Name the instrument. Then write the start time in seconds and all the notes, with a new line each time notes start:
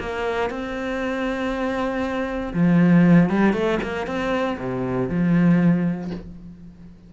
cello
0.00 A#3
0.50 C4
2.54 F3
3.30 G3
3.54 A3
3.83 A#3
4.07 C4
4.59 C3
5.09 F3